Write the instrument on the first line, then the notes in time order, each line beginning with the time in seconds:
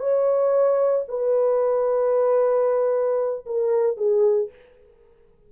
horn
0.00 C#5
1.09 B4
3.46 A#4
3.97 G#4